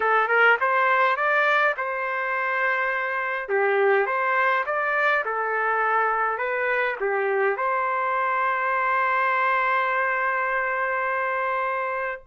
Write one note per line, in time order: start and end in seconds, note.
0.00 0.28 A4
0.28 0.57 A#4
0.60 1.16 C5
1.16 1.74 D5
1.77 3.48 C5
3.48 4.06 G4
4.06 4.64 C5
4.66 5.24 D5
5.25 6.38 A4
6.38 6.96 B4
7.00 7.56 G4
7.56 12.23 C5